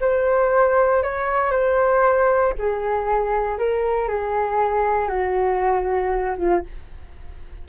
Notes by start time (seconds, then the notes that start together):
0.00 C5
1.02 C#5
1.51 C5
2.58 G#4
3.58 A#4
4.08 G#4
5.08 F#4
6.37 F4